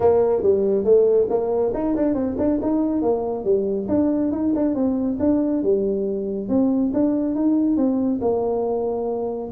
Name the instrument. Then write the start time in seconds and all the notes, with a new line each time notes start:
tuba
0.00 A#3
0.42 G3
0.84 A3
1.29 A#3
1.73 D#4
1.96 D4
2.14 C4
2.37 D4
2.62 D#4
3.02 A#3
3.44 G3
3.88 D4
4.31 D#4
4.55 D4
4.75 C4
5.19 D4
5.62 G3
6.48 C4
6.93 D4
7.35 D#4
7.76 C4
8.21 A#3